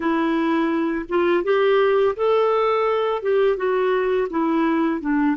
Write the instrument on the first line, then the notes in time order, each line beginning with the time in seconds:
clarinet
0.00 E4
1.08 F4
1.43 G4
2.16 A4
3.22 G4
3.56 F#4
4.30 E4
5.01 D4